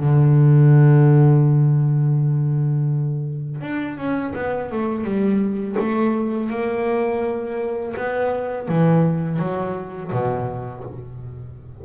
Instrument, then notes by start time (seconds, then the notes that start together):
double bass
0.00 D3
3.61 D4
3.98 C#4
4.35 B3
4.72 A3
5.04 G3
5.79 A3
6.50 A#3
7.97 B3
8.68 E3
9.39 F#3
10.12 B2